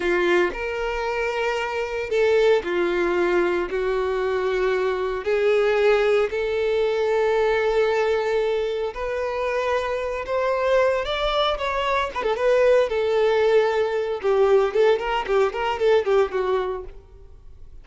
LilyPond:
\new Staff \with { instrumentName = "violin" } { \time 4/4 \tempo 4 = 114 f'4 ais'2. | a'4 f'2 fis'4~ | fis'2 gis'2 | a'1~ |
a'4 b'2~ b'8 c''8~ | c''4 d''4 cis''4 b'16 a'16 b'8~ | b'8 a'2~ a'8 g'4 | a'8 ais'8 g'8 ais'8 a'8 g'8 fis'4 | }